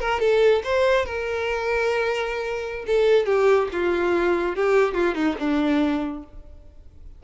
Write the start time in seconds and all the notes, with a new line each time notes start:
0.00 A#4
0.20 A4
0.64 C5
1.05 A#4
2.87 A4
3.26 G4
3.72 F4
4.56 G4
4.94 F4
5.15 D#4
5.39 D4